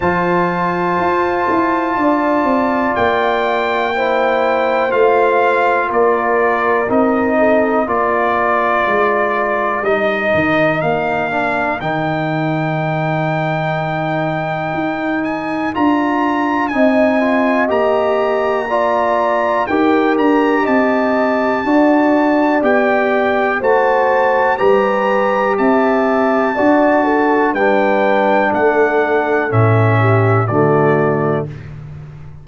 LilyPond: <<
  \new Staff \with { instrumentName = "trumpet" } { \time 4/4 \tempo 4 = 61 a''2. g''4~ | g''4 f''4 d''4 dis''4 | d''2 dis''4 f''4 | g''2.~ g''8 gis''8 |
ais''4 gis''4 ais''2 | g''8 ais''8 a''2 g''4 | a''4 ais''4 a''2 | g''4 fis''4 e''4 d''4 | }
  \new Staff \with { instrumentName = "horn" } { \time 4/4 c''2 d''2 | c''2 ais'4. a'8 | ais'1~ | ais'1~ |
ais'4 dis''2 d''4 | ais'4 dis''4 d''2 | c''4 b'4 e''4 d''8 a'8 | b'4 a'4. g'8 fis'4 | }
  \new Staff \with { instrumentName = "trombone" } { \time 4/4 f'1 | e'4 f'2 dis'4 | f'2 dis'4. d'8 | dis'1 |
f'4 dis'8 f'8 g'4 f'4 | g'2 fis'4 g'4 | fis'4 g'2 fis'4 | d'2 cis'4 a4 | }
  \new Staff \with { instrumentName = "tuba" } { \time 4/4 f4 f'8 e'8 d'8 c'8 ais4~ | ais4 a4 ais4 c'4 | ais4 gis4 g8 dis8 ais4 | dis2. dis'4 |
d'4 c'4 ais2 | dis'8 d'8 c'4 d'4 b4 | a4 g4 c'4 d'4 | g4 a4 a,4 d4 | }
>>